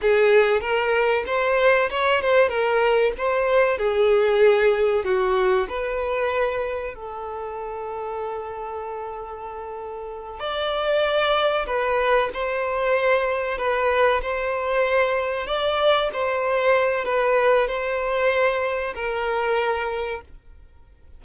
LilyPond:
\new Staff \with { instrumentName = "violin" } { \time 4/4 \tempo 4 = 95 gis'4 ais'4 c''4 cis''8 c''8 | ais'4 c''4 gis'2 | fis'4 b'2 a'4~ | a'1~ |
a'8 d''2 b'4 c''8~ | c''4. b'4 c''4.~ | c''8 d''4 c''4. b'4 | c''2 ais'2 | }